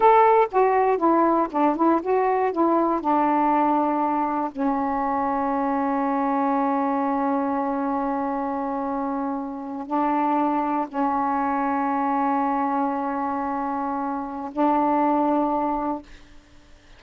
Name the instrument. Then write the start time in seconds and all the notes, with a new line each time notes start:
saxophone
0.00 A4
0.51 F#4
0.97 E4
1.51 D4
1.76 E4
2.02 F#4
2.52 E4
3.00 D4
4.51 C#4
9.86 D4
10.88 C#4
14.52 D4